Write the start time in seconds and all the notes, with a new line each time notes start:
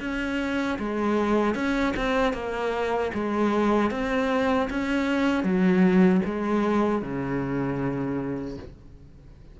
0.00 C#4
0.79 G#3
1.55 C#4
1.96 C4
2.33 A#3
3.14 G#3
3.91 C4
4.70 C#4
5.43 F#3
6.25 G#3
7.02 C#3